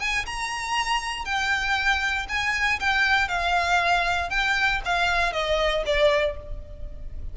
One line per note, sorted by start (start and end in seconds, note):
0.00 0.25 G#5
0.26 1.25 A#5
1.25 2.27 G5
2.29 2.79 G#5
2.80 3.28 G5
3.28 4.30 F5
4.30 4.81 G5
4.85 5.33 F5
5.33 5.84 D#5
5.86 6.37 D5